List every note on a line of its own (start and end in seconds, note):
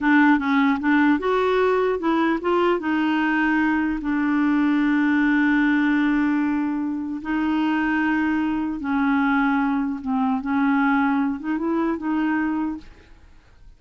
0.00 0.38 D4
0.38 0.78 C#4
0.79 1.19 D4
1.19 1.99 F#4
1.99 2.39 E4
2.41 2.79 F4
2.79 3.99 D#4
4.01 7.21 D4
7.22 8.80 D#4
8.80 10.00 C#4
10.01 10.41 C4
10.41 11.39 C#4
11.39 11.58 D#4
11.58 11.97 E4
11.97 12.77 D#4